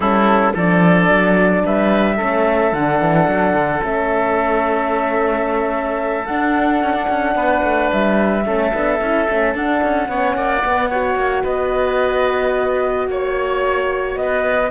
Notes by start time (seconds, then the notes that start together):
0.00 G3 C#4 E4 A4
0.53 F3 D4 A4 D5
1.08 F#3
1.65 G3 B4 E5
2.16 A3 C#4 A4
2.72 D3 D4 F#5
3.00 E3
3.28 F#3
3.53 D3
3.81 A3 C#4 E5
6.25 D4 F#5
6.83 C#4
6.93 D4
7.08 C#4
7.35 B3 B4
7.63 A3
7.91 G3 E5
8.45 A3 C#4 A4
8.72 B3 D4
9.00 C#4 E4
9.29 A3 C#4
9.54 D4 F#5
9.83 C#4
10.08 B3 C#4 C#5
10.36 A#3 D5
10.64 B3
10.89 F#4 C#5
11.15 A#3
11.43 B3 B4 D#5
13.07 A#3 C#5
14.15 B3 B4 D#5